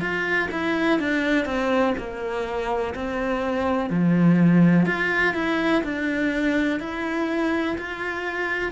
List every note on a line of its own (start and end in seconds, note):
0.00 0.48 F4
0.51 0.99 E4
0.99 1.45 D4
1.45 1.94 C4
1.98 2.94 A#3
2.95 3.90 C4
3.90 4.86 F3
4.86 5.34 F4
5.34 5.82 E4
5.83 6.80 D4
6.80 7.76 E4
7.78 8.72 F4